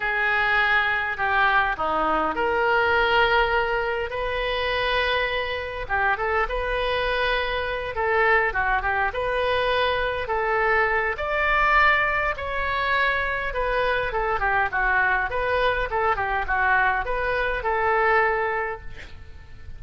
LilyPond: \new Staff \with { instrumentName = "oboe" } { \time 4/4 \tempo 4 = 102 gis'2 g'4 dis'4 | ais'2. b'4~ | b'2 g'8 a'8 b'4~ | b'4. a'4 fis'8 g'8 b'8~ |
b'4. a'4. d''4~ | d''4 cis''2 b'4 | a'8 g'8 fis'4 b'4 a'8 g'8 | fis'4 b'4 a'2 | }